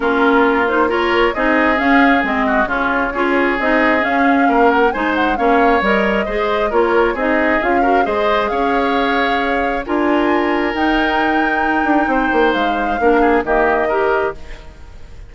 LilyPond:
<<
  \new Staff \with { instrumentName = "flute" } { \time 4/4 \tempo 4 = 134 ais'4. c''8 cis''4 dis''4 | f''4 dis''4 cis''2 | dis''4 f''4. fis''8 gis''8 fis''8 | f''4 dis''2 cis''4 |
dis''4 f''4 dis''4 f''4~ | f''2 gis''2 | g''1 | f''2 dis''2 | }
  \new Staff \with { instrumentName = "oboe" } { \time 4/4 f'2 ais'4 gis'4~ | gis'4. fis'8 f'4 gis'4~ | gis'2 ais'4 c''4 | cis''2 c''4 ais'4 |
gis'4. ais'8 c''4 cis''4~ | cis''2 ais'2~ | ais'2. c''4~ | c''4 ais'8 gis'8 g'4 ais'4 | }
  \new Staff \with { instrumentName = "clarinet" } { \time 4/4 cis'4. dis'8 f'4 dis'4 | cis'4 c'4 cis'4 f'4 | dis'4 cis'2 dis'4 | cis'4 ais'4 gis'4 f'4 |
dis'4 f'8 fis'8 gis'2~ | gis'2 f'2 | dis'1~ | dis'4 d'4 ais4 g'4 | }
  \new Staff \with { instrumentName = "bassoon" } { \time 4/4 ais2. c'4 | cis'4 gis4 cis4 cis'4 | c'4 cis'4 ais4 gis4 | ais4 g4 gis4 ais4 |
c'4 cis'4 gis4 cis'4~ | cis'2 d'2 | dis'2~ dis'8 d'8 c'8 ais8 | gis4 ais4 dis2 | }
>>